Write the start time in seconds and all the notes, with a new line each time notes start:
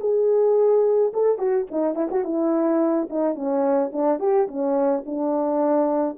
0.00 G#4
1.13 A4
1.38 F#4
1.71 D#4
1.95 E4
2.11 F#4
2.24 E4
3.09 D#4
3.35 C#4
3.93 D4
4.19 G4
4.48 C#4
5.05 D4